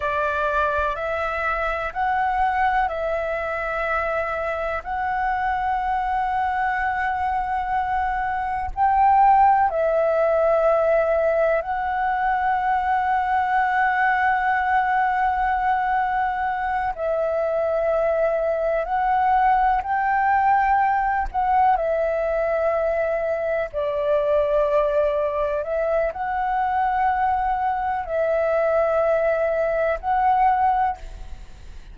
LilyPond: \new Staff \with { instrumentName = "flute" } { \time 4/4 \tempo 4 = 62 d''4 e''4 fis''4 e''4~ | e''4 fis''2.~ | fis''4 g''4 e''2 | fis''1~ |
fis''4. e''2 fis''8~ | fis''8 g''4. fis''8 e''4.~ | e''8 d''2 e''8 fis''4~ | fis''4 e''2 fis''4 | }